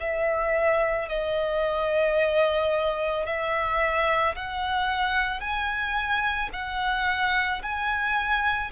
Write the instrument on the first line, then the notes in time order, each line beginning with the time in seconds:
violin
0.00 E5
1.09 D#5
3.26 E5
4.36 F#5
5.41 G#5
6.53 F#5
7.63 G#5